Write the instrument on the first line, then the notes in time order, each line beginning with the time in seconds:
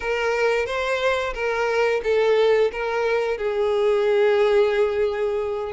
violin
0.00 A#4
0.66 C5
1.33 A#4
2.03 A4
2.72 A#4
3.37 G#4